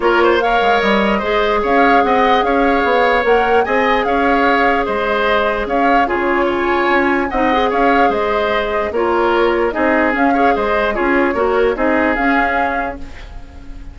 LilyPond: <<
  \new Staff \with { instrumentName = "flute" } { \time 4/4 \tempo 4 = 148 cis''4 f''4 dis''2 | f''4 fis''4 f''2 | fis''4 gis''4 f''2 | dis''2 f''4 cis''4 |
gis''2 fis''4 f''4 | dis''2 cis''2 | dis''4 f''4 dis''4 cis''4~ | cis''4 dis''4 f''2 | }
  \new Staff \with { instrumentName = "oboe" } { \time 4/4 ais'8 c''8 cis''2 c''4 | cis''4 dis''4 cis''2~ | cis''4 dis''4 cis''2 | c''2 cis''4 gis'4 |
cis''2 dis''4 cis''4 | c''2 ais'2 | gis'4. cis''8 c''4 gis'4 | ais'4 gis'2. | }
  \new Staff \with { instrumentName = "clarinet" } { \time 4/4 f'4 ais'2 gis'4~ | gis'1 | ais'4 gis'2.~ | gis'2. f'4~ |
f'2 dis'8 gis'4.~ | gis'2 f'2 | dis'4 cis'8 gis'4. f'4 | fis'4 dis'4 cis'2 | }
  \new Staff \with { instrumentName = "bassoon" } { \time 4/4 ais4. gis8 g4 gis4 | cis'4 c'4 cis'4 b4 | ais4 c'4 cis'2 | gis2 cis'4 cis4~ |
cis4 cis'4 c'4 cis'4 | gis2 ais2 | c'4 cis'4 gis4 cis'4 | ais4 c'4 cis'2 | }
>>